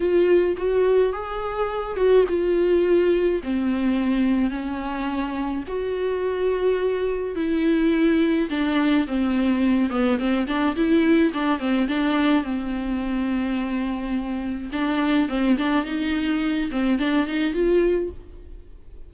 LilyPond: \new Staff \with { instrumentName = "viola" } { \time 4/4 \tempo 4 = 106 f'4 fis'4 gis'4. fis'8 | f'2 c'2 | cis'2 fis'2~ | fis'4 e'2 d'4 |
c'4. b8 c'8 d'8 e'4 | d'8 c'8 d'4 c'2~ | c'2 d'4 c'8 d'8 | dis'4. c'8 d'8 dis'8 f'4 | }